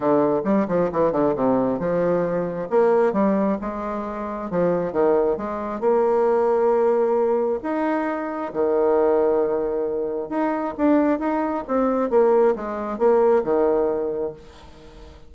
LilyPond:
\new Staff \with { instrumentName = "bassoon" } { \time 4/4 \tempo 4 = 134 d4 g8 f8 e8 d8 c4 | f2 ais4 g4 | gis2 f4 dis4 | gis4 ais2.~ |
ais4 dis'2 dis4~ | dis2. dis'4 | d'4 dis'4 c'4 ais4 | gis4 ais4 dis2 | }